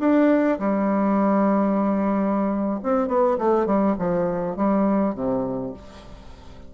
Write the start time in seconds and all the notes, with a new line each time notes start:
0.00 D4
0.59 G3
2.83 C4
3.08 B3
3.39 A3
3.66 G3
3.99 F3
4.56 G3
5.15 C3